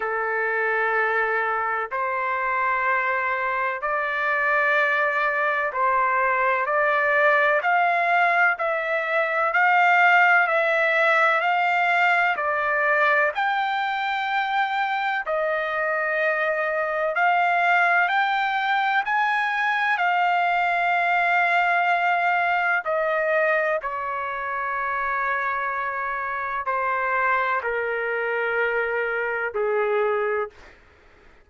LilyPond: \new Staff \with { instrumentName = "trumpet" } { \time 4/4 \tempo 4 = 63 a'2 c''2 | d''2 c''4 d''4 | f''4 e''4 f''4 e''4 | f''4 d''4 g''2 |
dis''2 f''4 g''4 | gis''4 f''2. | dis''4 cis''2. | c''4 ais'2 gis'4 | }